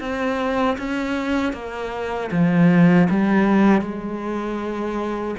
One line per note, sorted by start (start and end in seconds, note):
0.00 0.77 C4
0.78 1.53 C#4
1.53 2.30 A#3
2.31 3.08 F3
3.10 3.81 G3
3.81 5.35 G#3